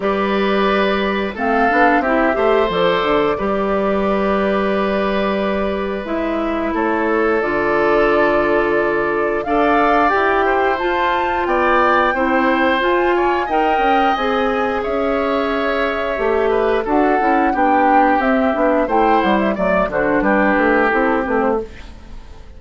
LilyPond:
<<
  \new Staff \with { instrumentName = "flute" } { \time 4/4 \tempo 4 = 89 d''2 f''4 e''4 | d''1~ | d''4 e''4 cis''4 d''4~ | d''2 f''4 g''4 |
a''4 g''2 gis''4 | g''4 gis''4 e''2~ | e''4 fis''4 g''4 e''4 | g''8 fis''16 e''16 d''8 c''8 b'4 a'8 b'16 c''16 | }
  \new Staff \with { instrumentName = "oboe" } { \time 4/4 b'2 a'4 g'8 c''8~ | c''4 b'2.~ | b'2 a'2~ | a'2 d''4. c''8~ |
c''4 d''4 c''4. cis''8 | dis''2 cis''2~ | cis''8 b'8 a'4 g'2 | c''4 d''8 fis'8 g'2 | }
  \new Staff \with { instrumentName = "clarinet" } { \time 4/4 g'2 c'8 d'8 e'8 g'8 | a'4 g'2.~ | g'4 e'2 f'4~ | f'2 a'4 g'4 |
f'2 e'4 f'4 | ais'4 gis'2. | g'4 fis'8 e'8 d'4 c'8 d'8 | e'4 a8 d'4. e'8 c'8 | }
  \new Staff \with { instrumentName = "bassoon" } { \time 4/4 g2 a8 b8 c'8 a8 | f8 d8 g2.~ | g4 gis4 a4 d4~ | d2 d'4 e'4 |
f'4 b4 c'4 f'4 | dis'8 cis'8 c'4 cis'2 | a4 d'8 cis'8 b4 c'8 b8 | a8 g8 fis8 d8 g8 a8 c'8 a8 | }
>>